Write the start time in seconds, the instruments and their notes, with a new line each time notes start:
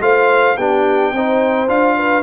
0.00 tuba A3, trombone F4, horn C5, trumpet F5
0.57 tuba B3, trombone D4, horn G4, trumpet G5
1.12 tuba C4, trombone D#4, horn C5
1.67 tuba D4, trombone F4, trumpet F5
1.97 horn B4